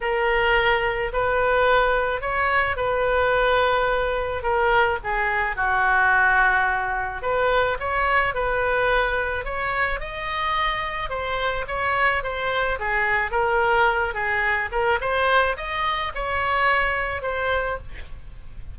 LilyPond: \new Staff \with { instrumentName = "oboe" } { \time 4/4 \tempo 4 = 108 ais'2 b'2 | cis''4 b'2. | ais'4 gis'4 fis'2~ | fis'4 b'4 cis''4 b'4~ |
b'4 cis''4 dis''2 | c''4 cis''4 c''4 gis'4 | ais'4. gis'4 ais'8 c''4 | dis''4 cis''2 c''4 | }